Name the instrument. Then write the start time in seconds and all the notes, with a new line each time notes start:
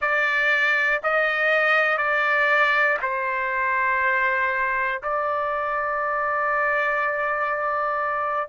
trumpet
0.01 D5
1.03 D#5
1.97 D5
3.02 C5
5.02 D5